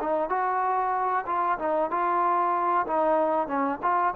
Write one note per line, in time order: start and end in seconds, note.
0.00 0.29 D#4
0.29 1.25 F#4
1.26 1.58 F4
1.58 1.90 D#4
1.90 2.86 F4
2.87 3.47 D#4
3.47 3.79 C#4
3.82 4.14 F4